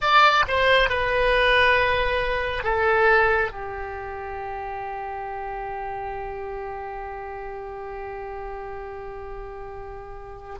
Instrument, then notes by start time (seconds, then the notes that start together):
oboe
0.01 D5
0.47 C5
0.89 B4
2.63 A4
3.51 G4